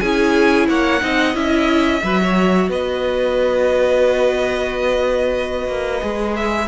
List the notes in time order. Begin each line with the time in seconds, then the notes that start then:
0.00 C#4 E4 G#4 G#5
0.68 A#3 C#5 F#5
1.01 C4 D#4 D#5
1.34 C#4 E4 E5
2.03 F#3 F#4 B4
2.22 C#5
2.69 B3 B4 D#5
5.68 A#3
6.01 G#3 G#4
6.36 E5